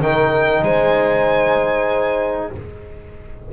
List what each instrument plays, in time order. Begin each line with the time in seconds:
0.00 double bass D#3, trombone D#4, horn A#4, violin G5
0.62 double bass G#3, horn C5, violin G#5